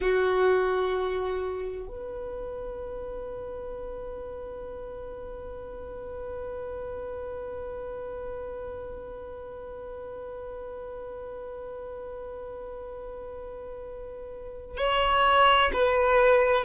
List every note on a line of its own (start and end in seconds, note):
0.00 1.87 F#4
1.87 14.77 B4
14.77 15.71 C#5
15.73 16.64 B4